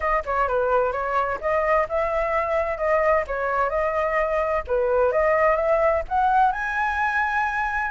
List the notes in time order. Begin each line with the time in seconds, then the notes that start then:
0.00 D#5
0.25 C#5
0.48 B4
0.92 C#5
1.40 D#5
1.88 E5
2.77 D#5
3.27 C#5
3.69 D#5
4.67 B4
5.12 D#5
5.56 E5
6.08 F#5
6.52 G#5